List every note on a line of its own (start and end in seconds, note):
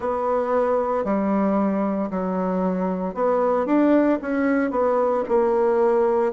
0.00 1.04 B3
1.04 2.10 G3
2.10 3.14 F#3
3.14 3.66 B3
3.66 4.18 D4
4.21 4.70 C#4
4.70 5.23 B3
5.28 6.32 A#3